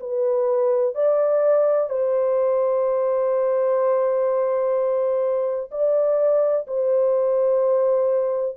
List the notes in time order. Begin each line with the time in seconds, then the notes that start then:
0.00 B4
0.94 D5
1.89 C5
5.71 D5
6.67 C5